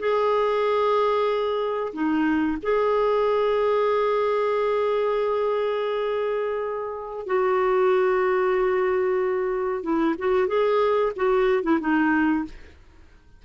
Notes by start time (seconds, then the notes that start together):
0.00 G#4
1.94 D#4
2.63 G#4
7.27 F#4
9.84 E4
10.19 F#4
10.48 G#4
11.16 F#4
11.64 E4
11.81 D#4